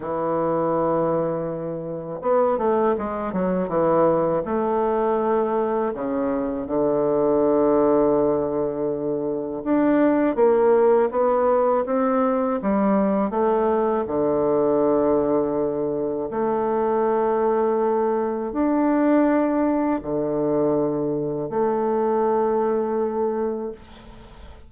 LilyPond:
\new Staff \with { instrumentName = "bassoon" } { \time 4/4 \tempo 4 = 81 e2. b8 a8 | gis8 fis8 e4 a2 | cis4 d2.~ | d4 d'4 ais4 b4 |
c'4 g4 a4 d4~ | d2 a2~ | a4 d'2 d4~ | d4 a2. | }